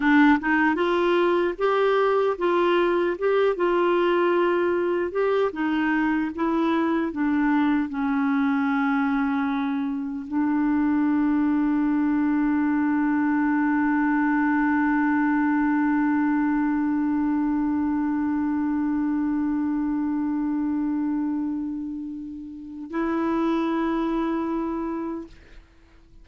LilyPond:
\new Staff \with { instrumentName = "clarinet" } { \time 4/4 \tempo 4 = 76 d'8 dis'8 f'4 g'4 f'4 | g'8 f'2 g'8 dis'4 | e'4 d'4 cis'2~ | cis'4 d'2.~ |
d'1~ | d'1~ | d'1~ | d'4 e'2. | }